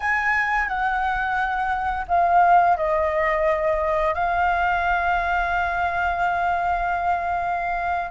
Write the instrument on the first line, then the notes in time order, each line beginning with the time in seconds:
flute
0.00 G#5
0.67 F#5
2.08 F5
2.76 D#5
4.14 F5